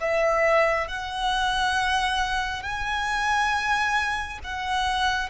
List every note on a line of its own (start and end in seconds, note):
0.00 0.88 E5
0.88 2.63 F#5
2.63 4.39 G#5
4.44 5.29 F#5